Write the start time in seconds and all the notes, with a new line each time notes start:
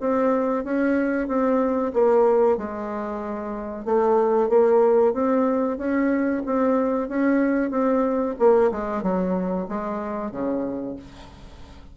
0.00 C4
0.64 C#4
1.28 C4
1.94 A#3
2.57 G#3
3.85 A3
4.49 A#3
5.13 C4
5.78 C#4
6.46 C4
7.09 C#4
7.70 C4
8.39 A#3
8.71 G#3
9.03 F#3
9.69 G#3
10.31 C#3